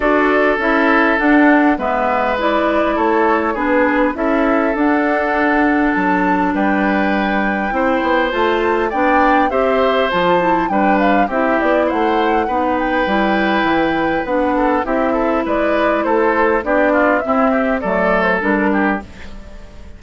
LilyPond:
<<
  \new Staff \with { instrumentName = "flute" } { \time 4/4 \tempo 4 = 101 d''4 e''4 fis''4 e''4 | d''4 cis''4 b'4 e''4 | fis''2 a''4 g''4~ | g''2 a''4 g''4 |
e''4 a''4 g''8 f''8 e''8 d''8 | fis''4. g''2~ g''8 | fis''4 e''4 d''4 c''4 | d''4 e''4 d''8. c''16 ais'4 | }
  \new Staff \with { instrumentName = "oboe" } { \time 4/4 a'2. b'4~ | b'4 a'4 gis'4 a'4~ | a'2. b'4~ | b'4 c''2 d''4 |
c''2 b'4 g'4 | c''4 b'2.~ | b'8 a'8 g'8 a'8 b'4 a'4 | g'8 f'8 e'8 g'8 a'4. g'8 | }
  \new Staff \with { instrumentName = "clarinet" } { \time 4/4 fis'4 e'4 d'4 b4 | e'2 d'4 e'4 | d'1~ | d'4 e'4 f'4 d'4 |
g'4 f'8 e'8 d'4 e'4~ | e'4 dis'4 e'2 | d'4 e'2. | d'4 c'4 a4 d'4 | }
  \new Staff \with { instrumentName = "bassoon" } { \time 4/4 d'4 cis'4 d'4 gis4~ | gis4 a4 b4 cis'4 | d'2 fis4 g4~ | g4 c'8 b8 a4 b4 |
c'4 f4 g4 c'8 b8 | a4 b4 g4 e4 | b4 c'4 gis4 a4 | b4 c'4 fis4 g4 | }
>>